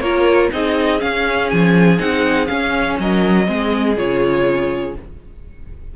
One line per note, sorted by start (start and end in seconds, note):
0.00 0.49 A#3
0.00 0.52 F4
0.00 0.52 A#4
0.00 0.50 C#5
0.52 1.02 C4
0.52 1.00 D#4
0.52 3.00 G#4
0.52 1.01 D#5
1.00 1.98 C#4
1.00 1.52 C#4
1.00 1.50 F5
1.50 1.99 F3
1.50 1.99 G#5
1.98 2.48 C4
1.98 2.46 D#4
1.98 2.47 F#5
2.46 3.45 C#4
2.46 3.00 C#4
2.46 2.96 F5
3.00 3.48 F#3
3.00 3.48 A#4
3.00 3.98 D#5
3.47 3.97 G#3
3.47 3.96 C4
3.47 4.95 G#4
3.97 4.96 C#3
3.97 4.96 F4
3.97 4.96 C#5